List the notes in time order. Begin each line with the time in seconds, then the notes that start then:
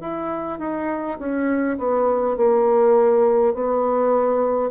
0.00 E4
0.59 D#4
1.18 C#4
1.78 B3
2.36 A#3
3.53 B3